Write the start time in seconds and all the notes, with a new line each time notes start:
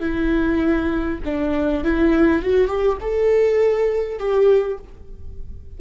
0.00 E4
1.25 D4
1.84 E4
2.42 F#4
2.68 G4
3.01 A4
4.19 G4